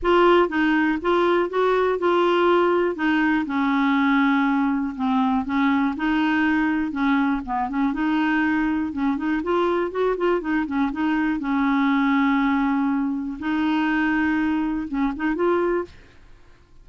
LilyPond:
\new Staff \with { instrumentName = "clarinet" } { \time 4/4 \tempo 4 = 121 f'4 dis'4 f'4 fis'4 | f'2 dis'4 cis'4~ | cis'2 c'4 cis'4 | dis'2 cis'4 b8 cis'8 |
dis'2 cis'8 dis'8 f'4 | fis'8 f'8 dis'8 cis'8 dis'4 cis'4~ | cis'2. dis'4~ | dis'2 cis'8 dis'8 f'4 | }